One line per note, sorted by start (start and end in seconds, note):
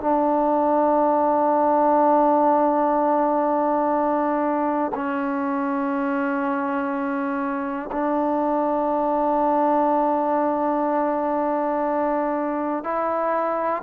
0.00 4.92 D4
4.94 7.90 C#4
7.91 12.83 D4
12.84 13.82 E4